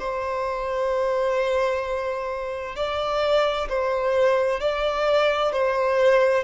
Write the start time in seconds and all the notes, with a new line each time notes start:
0.00 C5
2.77 D5
3.69 C5
4.61 D5
5.53 C5